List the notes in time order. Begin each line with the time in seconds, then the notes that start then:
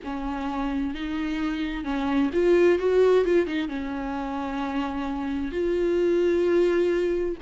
0.04 C#4
0.94 D#4
1.84 C#4
2.33 F4
2.79 F#4
3.24 F4
3.46 D#4
3.68 C#4
5.51 F4